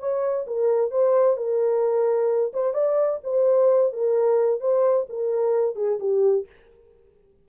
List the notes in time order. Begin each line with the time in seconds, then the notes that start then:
0.00 C#5
0.47 A#4
0.91 C5
1.37 A#4
2.53 C5
2.74 D5
3.24 C5
3.93 A#4
4.61 C5
5.09 A#4
5.76 G#4
6.00 G4